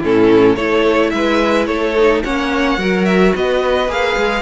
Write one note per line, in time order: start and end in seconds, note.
0.00 0.57 A2
0.00 0.58 C#4
0.00 0.55 E4
0.00 0.56 A4
0.56 1.12 A3
0.56 1.95 E4
0.56 1.11 A4
0.56 1.11 C#5
1.11 1.68 G#3
1.11 1.68 B4
1.11 1.66 E5
1.67 2.23 A3
1.67 2.23 A4
1.67 2.22 C#5
1.98 2.25 D#4
2.24 2.78 A#3
2.24 2.78 C#4
2.24 2.79 C#5
2.24 3.05 F#5
2.78 3.33 F#3
2.78 3.88 F#4
2.78 3.34 A#4
3.05 3.33 E5
3.35 3.88 B3
3.35 4.42 B4
3.35 3.91 D#5
3.88 4.16 A#3
3.88 4.42 G#4
3.88 4.42 F5
4.17 4.42 G#3